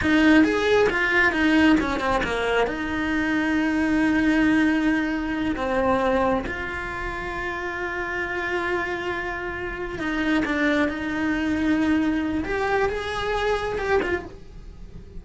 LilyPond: \new Staff \with { instrumentName = "cello" } { \time 4/4 \tempo 4 = 135 dis'4 gis'4 f'4 dis'4 | cis'8 c'8 ais4 dis'2~ | dis'1~ | dis'8 c'2 f'4.~ |
f'1~ | f'2~ f'8 dis'4 d'8~ | d'8 dis'2.~ dis'8 | g'4 gis'2 g'8 f'8 | }